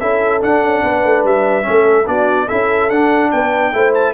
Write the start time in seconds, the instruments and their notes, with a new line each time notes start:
0.00 tuba C#4, trombone E4, horn A4, trumpet E5
0.41 trombone D4, tuba D4, trumpet F#5
0.62 tuba C#4
0.83 tuba B3, horn B4
1.04 tuba A3
1.24 tuba G3, trumpet E5
1.63 trombone C#4, horn A4
1.69 tuba A3
2.06 tuba B3, trombone D4, horn F#4, trumpet D5
2.46 tuba C#4, trombone E4, horn A4, trumpet E5
2.90 tuba D4, trombone D4, trumpet F#5
3.31 tuba B3, horn B4, trumpet G5
3.73 tuba A3, trombone E4, horn C5
3.94 trumpet A5